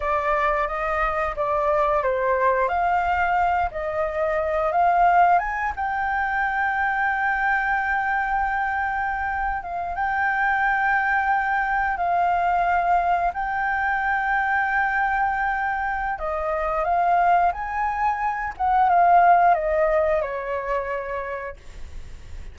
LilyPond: \new Staff \with { instrumentName = "flute" } { \time 4/4 \tempo 4 = 89 d''4 dis''4 d''4 c''4 | f''4. dis''4. f''4 | gis''8 g''2.~ g''8~ | g''2~ g''16 f''8 g''4~ g''16~ |
g''4.~ g''16 f''2 g''16~ | g''1 | dis''4 f''4 gis''4. fis''8 | f''4 dis''4 cis''2 | }